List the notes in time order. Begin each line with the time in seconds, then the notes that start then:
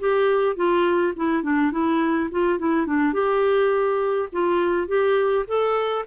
0.00 G4
0.56 F4
1.16 E4
1.43 D4
1.72 E4
2.31 F4
2.59 E4
2.87 D4
3.14 G4
4.33 F4
4.88 G4
5.48 A4